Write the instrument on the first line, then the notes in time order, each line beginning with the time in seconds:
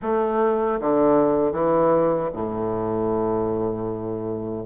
bassoon
0.02 A3
0.80 D3
1.52 E3
2.33 A2